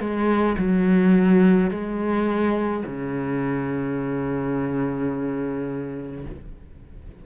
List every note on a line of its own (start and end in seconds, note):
0.00 0.57 G#3
0.58 1.71 F#3
1.71 2.84 G#3
2.86 6.26 C#3